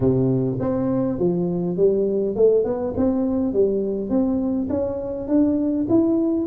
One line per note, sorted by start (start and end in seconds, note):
0.00 0.58 C3
0.60 1.18 C4
1.18 1.76 F3
1.76 2.35 G3
2.35 2.64 A3
2.64 2.94 B3
2.97 3.53 C4
3.53 4.09 G3
4.09 4.68 C4
4.69 5.28 C#4
5.28 5.87 D4
5.89 6.46 E4